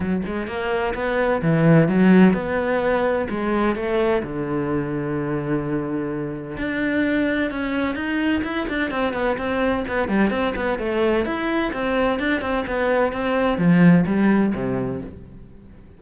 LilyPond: \new Staff \with { instrumentName = "cello" } { \time 4/4 \tempo 4 = 128 fis8 gis8 ais4 b4 e4 | fis4 b2 gis4 | a4 d2.~ | d2 d'2 |
cis'4 dis'4 e'8 d'8 c'8 b8 | c'4 b8 g8 c'8 b8 a4 | e'4 c'4 d'8 c'8 b4 | c'4 f4 g4 c4 | }